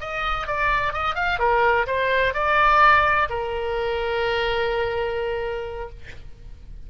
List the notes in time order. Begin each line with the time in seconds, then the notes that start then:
0.00 D#5
0.47 D5
0.93 D#5
1.15 F5
1.39 A#4
1.86 C5
2.34 D5
3.29 A#4